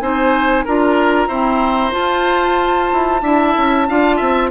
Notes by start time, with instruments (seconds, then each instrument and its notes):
0.00 bassoon C4, clarinet D#4, oboe C5, flute G#5
0.65 bassoon D4, clarinet F4, oboe A#4, flute A#5
1.28 clarinet C4, bassoon E4, oboe C5
1.92 clarinet F4, bassoon F4, flute A5
2.93 bassoon E4
3.22 bassoon D4, clarinet E4, oboe E5
3.57 bassoon C#4
3.89 bassoon D4, clarinet F4, oboe F5
4.17 bassoon C4, oboe E5